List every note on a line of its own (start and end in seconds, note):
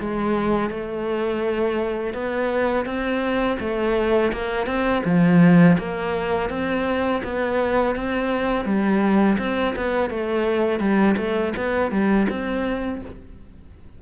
0.00 0.70 G#3
0.70 2.14 A3
2.14 2.86 B3
2.86 3.58 C4
3.59 4.32 A3
4.32 4.66 A#3
4.66 5.02 C4
5.05 5.77 F3
5.78 6.50 A#3
6.50 7.22 C4
7.24 7.96 B3
7.96 8.65 C4
8.65 9.37 G3
9.38 9.75 C4
9.76 10.10 B3
10.10 10.79 A3
10.79 11.16 G3
11.17 11.53 A3
11.57 11.91 B3
11.91 12.27 G3
12.29 13.01 C4